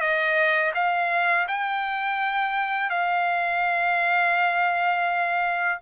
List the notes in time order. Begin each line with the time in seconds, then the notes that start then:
0.00 D#5
0.75 F5
1.48 G5
2.90 F5